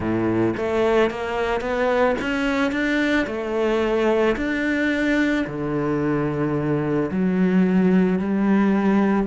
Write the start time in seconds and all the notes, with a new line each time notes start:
0.00 A2
0.57 A3
1.10 A#3
1.61 B3
2.21 C#4
2.71 D4
3.26 A3
4.36 D4
5.46 D3
7.11 F#3
8.19 G3